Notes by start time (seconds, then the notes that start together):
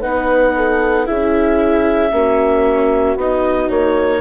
0.00 B3 D#4 B4 F#5
0.56 A4
1.05 C#4 E4 G#4 E5
2.12 A#3 C#4 F#4
3.16 B3 D#4 D#5
3.70 A#3 C#5